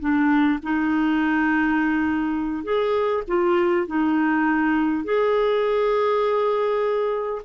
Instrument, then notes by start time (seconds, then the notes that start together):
clarinet
0.00 D4
0.63 D#4
2.64 G#4
3.28 F4
3.87 D#4
5.05 G#4